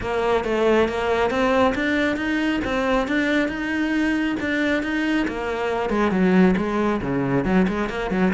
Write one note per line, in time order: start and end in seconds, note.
0.00 0.44 A#3
0.44 0.88 A3
0.88 1.30 A#3
1.30 1.74 C4
1.74 2.16 D4
2.16 2.60 D#4
2.64 3.07 C4
3.07 3.48 D4
3.48 4.36 D#4
4.40 4.83 D4
4.83 5.26 D#4
5.27 5.89 A#3
5.89 6.11 G#3
6.11 6.55 F#3
6.57 7.00 G#3
7.01 7.44 C#3
7.44 7.66 F#3
7.68 7.89 G#3
7.89 8.10 A#3
8.10 8.32 F#3